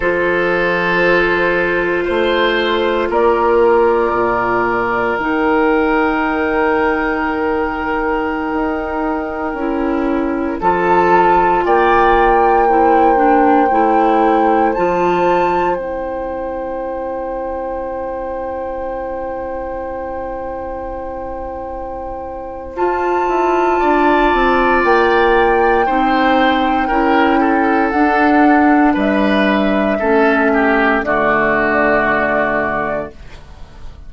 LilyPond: <<
  \new Staff \with { instrumentName = "flute" } { \time 4/4 \tempo 4 = 58 c''2. d''4~ | d''4 g''2.~ | g''2~ g''16 a''4 g''8.~ | g''2~ g''16 a''4 g''8.~ |
g''1~ | g''2 a''2 | g''2. fis''4 | e''2 d''2 | }
  \new Staff \with { instrumentName = "oboe" } { \time 4/4 a'2 c''4 ais'4~ | ais'1~ | ais'2~ ais'16 a'4 d''8.~ | d''16 c''2.~ c''8.~ |
c''1~ | c''2. d''4~ | d''4 c''4 ais'8 a'4. | b'4 a'8 g'8 fis'2 | }
  \new Staff \with { instrumentName = "clarinet" } { \time 4/4 f'1~ | f'4 dis'2.~ | dis'4~ dis'16 e'4 f'4.~ f'16~ | f'16 e'8 d'8 e'4 f'4 e'8.~ |
e'1~ | e'2 f'2~ | f'4 dis'4 e'4 d'4~ | d'4 cis'4 a2 | }
  \new Staff \with { instrumentName = "bassoon" } { \time 4/4 f2 a4 ais4 | ais,4 dis2.~ | dis16 dis'4 cis'4 f4 ais8.~ | ais4~ ais16 a4 f4 c'8.~ |
c'1~ | c'2 f'8 e'8 d'8 c'8 | ais4 c'4 cis'4 d'4 | g4 a4 d2 | }
>>